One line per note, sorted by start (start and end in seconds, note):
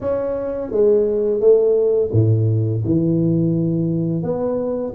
0.00 0.71 C#4
0.71 1.40 G#3
1.40 2.10 A3
2.12 2.82 A2
2.84 4.22 E3
4.22 4.93 B3